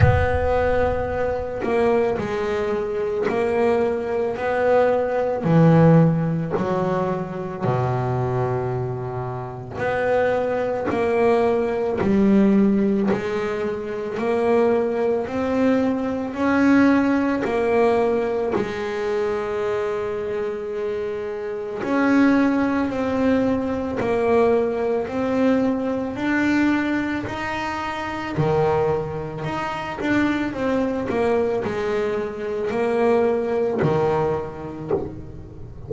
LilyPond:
\new Staff \with { instrumentName = "double bass" } { \time 4/4 \tempo 4 = 55 b4. ais8 gis4 ais4 | b4 e4 fis4 b,4~ | b,4 b4 ais4 g4 | gis4 ais4 c'4 cis'4 |
ais4 gis2. | cis'4 c'4 ais4 c'4 | d'4 dis'4 dis4 dis'8 d'8 | c'8 ais8 gis4 ais4 dis4 | }